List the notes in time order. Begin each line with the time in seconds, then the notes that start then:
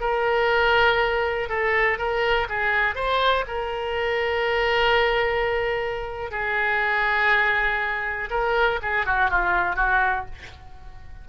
0.00 A#4
1.49 A4
1.98 A#4
2.48 G#4
2.95 C5
3.47 A#4
6.31 G#4
8.30 A#4
8.82 G#4
9.06 F#4
9.30 F4
9.76 F#4